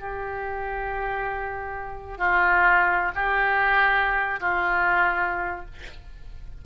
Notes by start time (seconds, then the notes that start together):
0.00 G4
2.18 F4
3.15 G4
4.40 F4